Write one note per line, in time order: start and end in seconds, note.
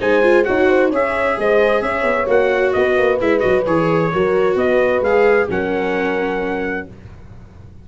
0.00 0.47 G#3
0.00 0.23 D#4
0.00 0.46 C5
0.00 0.44 G#5
0.23 0.45 F4
0.44 0.91 D#4
0.44 0.90 F#4
0.44 0.68 C#5
0.44 0.90 F#5
0.68 0.90 C5
0.90 1.37 C#4
0.90 2.26 G#4
0.90 1.36 C#5
0.90 1.40 E5
1.38 1.82 G#3
1.38 1.83 C5
1.38 1.82 D#5
1.82 2.03 C#4
1.82 2.75 C#5
1.82 2.28 E5
2.03 2.26 B3
2.26 2.73 A#3
2.26 3.18 F#4
2.26 2.73 F#5
2.73 2.98 B3
2.73 4.13 B4
2.73 3.19 D#5
2.98 3.21 A#3
3.21 3.44 G#3
3.21 3.40 E4
3.21 3.40 E5
3.40 3.67 F#3
3.40 3.63 F#4
3.40 3.63 D#5
3.66 4.13 E3
3.66 4.13 G#4
3.66 4.58 C#5
4.13 4.56 F#3
4.13 5.05 F#4
4.13 4.57 A#4
4.56 5.01 B3
4.56 5.49 B4
4.56 5.03 D#5
5.01 5.47 G#3
5.01 5.49 G#4
5.01 5.49 F5
5.49 6.87 F#3
5.49 6.87 C#4
5.49 6.88 A#4
5.49 6.88 F#5